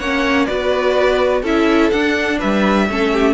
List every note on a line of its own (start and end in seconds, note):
0.00 0.48 A#3
0.00 0.48 C#4
0.00 0.47 C#5
0.00 0.46 F#5
0.46 1.43 B3
0.46 1.44 F#4
0.46 1.42 B4
0.46 1.42 D5
1.42 1.91 C#4
1.42 1.92 E4
1.42 2.38 A4
1.42 1.91 E5
1.91 2.88 D4
1.91 2.42 D4
1.91 2.39 F#5
2.39 2.90 G3
2.39 2.87 B4
2.39 3.34 E5
2.90 3.34 A3
2.90 3.34 C#4
2.90 3.14 A4
3.14 3.34 G4